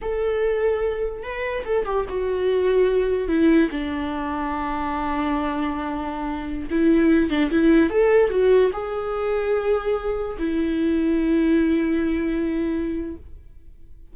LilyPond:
\new Staff \with { instrumentName = "viola" } { \time 4/4 \tempo 4 = 146 a'2. b'4 | a'8 g'8 fis'2. | e'4 d'2.~ | d'1~ |
d'16 e'4. d'8 e'4 a'8.~ | a'16 fis'4 gis'2~ gis'8.~ | gis'4~ gis'16 e'2~ e'8.~ | e'1 | }